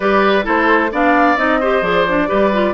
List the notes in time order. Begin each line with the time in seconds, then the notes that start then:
0.00 G3 G4 B4 D5
0.43 A3 E4 A4 C5
0.91 B3 D4 D5 F5
1.37 C4 D#4 D#5
1.59 G4 C5
1.81 F3 G#4 D5
2.08 D4
2.27 G3 G4 B4
2.53 F4